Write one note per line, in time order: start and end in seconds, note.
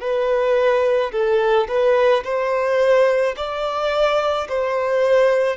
0.00 1.11 B4
1.12 1.67 A4
1.68 2.23 B4
2.24 3.35 C5
3.36 4.47 D5
4.48 5.56 C5